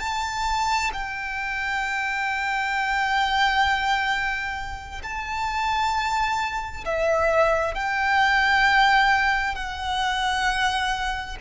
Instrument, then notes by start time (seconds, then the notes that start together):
violin
0.00 A5
0.93 G5
5.03 A5
6.85 E5
7.75 G5
9.55 F#5